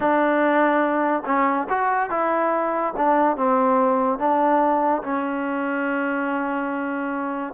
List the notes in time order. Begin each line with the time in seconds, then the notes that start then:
0.00 D4
1.25 C#4
1.69 F#4
2.09 E4
2.96 D4
3.37 C4
4.18 D4
5.03 C#4